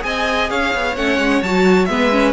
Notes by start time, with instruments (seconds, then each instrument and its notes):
0.00 cello C4, viola G#4, violin D#5 G#5
0.50 cello C#4, violin C#5 F5
0.74 cello B3
0.96 cello A3, viola C#4, violin F#5
1.19 cello G#3
1.43 cello F#3, viola F#4, violin A5
1.85 cello G#3, viola B3, violin B4 E5
2.12 viola C#4